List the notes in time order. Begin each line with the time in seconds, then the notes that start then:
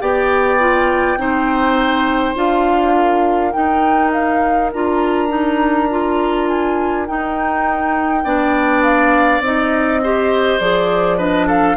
0.00 B3 G4 D5 G5
0.59 F4
1.16 C4 D#4 C5
2.35 D4 F4 F5
2.95 A#4
3.52 D#4 G5
4.12 F5
4.72 D4 F4 A#5
5.28 D#4
5.90 F4
6.47 G#5
7.06 D#4 G5
8.24 B3 D4 D5
8.83 F5
9.40 C4 D#4 D#5
10.03 G4 C5
10.59 F3 G#4 D5
11.17 D4 B4 D#5
11.47 A4 F5